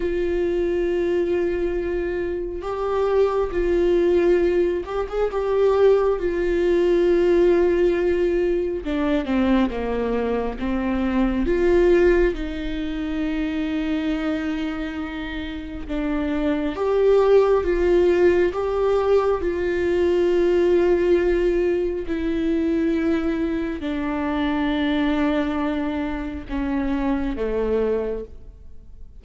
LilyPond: \new Staff \with { instrumentName = "viola" } { \time 4/4 \tempo 4 = 68 f'2. g'4 | f'4. g'16 gis'16 g'4 f'4~ | f'2 d'8 c'8 ais4 | c'4 f'4 dis'2~ |
dis'2 d'4 g'4 | f'4 g'4 f'2~ | f'4 e'2 d'4~ | d'2 cis'4 a4 | }